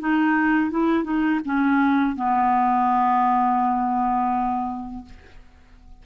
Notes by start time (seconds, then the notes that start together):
0.00 D#4
0.71 E4
1.04 D#4
1.45 C#4
2.16 B3